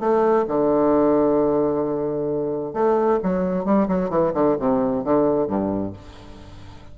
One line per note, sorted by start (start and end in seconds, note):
0.00 0.46 A3
0.48 2.74 D3
2.74 3.19 A3
3.24 3.65 F#3
3.65 3.88 G3
3.88 4.10 F#3
4.10 4.33 E3
4.34 4.57 D3
4.59 5.05 C3
5.05 5.48 D3
5.48 5.94 G2